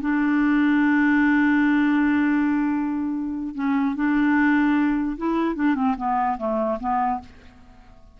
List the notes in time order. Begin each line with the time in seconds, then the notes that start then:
0.00 D4
3.54 C#4
3.95 D4
5.17 E4
5.55 D4
5.75 C4
5.97 B3
6.38 A3
6.79 B3